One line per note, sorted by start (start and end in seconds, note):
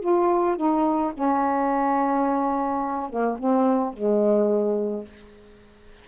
0.00 0.56 F4
0.57 1.13 D#4
1.14 3.09 C#4
3.09 3.37 A#3
3.38 3.93 C4
3.93 5.05 G#3